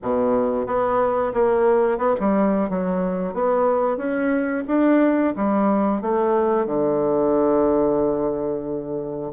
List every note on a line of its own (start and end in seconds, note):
0.02 0.66 B2
0.66 1.32 B3
1.33 1.98 A#3
1.98 2.14 B3
2.20 2.69 G3
2.69 3.33 F#3
3.33 3.97 B3
3.97 4.64 C#4
4.67 5.34 D4
5.35 6.01 G3
6.01 6.65 A3
6.65 9.32 D3